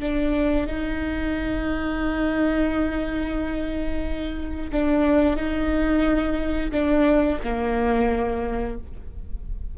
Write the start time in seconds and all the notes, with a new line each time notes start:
0.00 D4
0.66 D#4
4.72 D4
5.36 D#4
6.71 D4
7.43 A#3